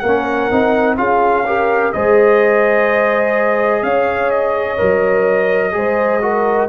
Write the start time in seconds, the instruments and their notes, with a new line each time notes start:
0.00 tuba A#3, horn A#4, trumpet F#5
0.07 trombone C#4
0.51 tuba C4, trombone D#4
0.97 tuba C#4, trombone F4, horn G#4, trumpet F5
1.46 trombone G4, horn A#4
1.93 tuba G#3, trombone G#4, horn C5, trumpet D#5
3.83 tuba C#4, horn C#5, trumpet F5
4.31 trumpet D#5
4.78 tuba F#3, trombone A#4
5.72 tuba G#3, trombone G#4, horn C5
6.22 trombone F#4, horn A#4